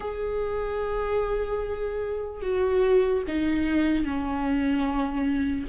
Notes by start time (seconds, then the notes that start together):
0.00 G#4
2.42 F#4
3.27 D#4
4.04 C#4